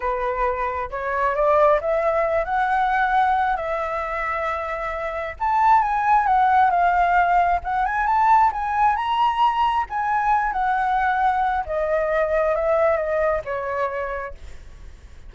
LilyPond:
\new Staff \with { instrumentName = "flute" } { \time 4/4 \tempo 4 = 134 b'2 cis''4 d''4 | e''4. fis''2~ fis''8 | e''1 | a''4 gis''4 fis''4 f''4~ |
f''4 fis''8 gis''8 a''4 gis''4 | ais''2 gis''4. fis''8~ | fis''2 dis''2 | e''4 dis''4 cis''2 | }